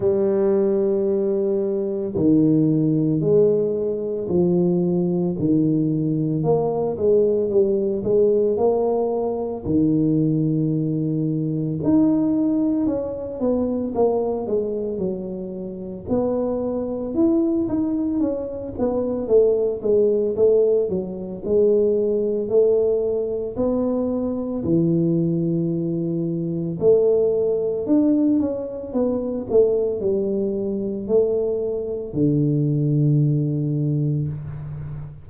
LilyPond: \new Staff \with { instrumentName = "tuba" } { \time 4/4 \tempo 4 = 56 g2 dis4 gis4 | f4 dis4 ais8 gis8 g8 gis8 | ais4 dis2 dis'4 | cis'8 b8 ais8 gis8 fis4 b4 |
e'8 dis'8 cis'8 b8 a8 gis8 a8 fis8 | gis4 a4 b4 e4~ | e4 a4 d'8 cis'8 b8 a8 | g4 a4 d2 | }